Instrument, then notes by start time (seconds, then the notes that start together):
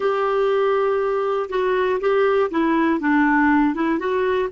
clarinet
0.00 G4
1.49 F#4
2.00 G4
2.50 E4
3.00 D4
3.75 E4
3.99 F#4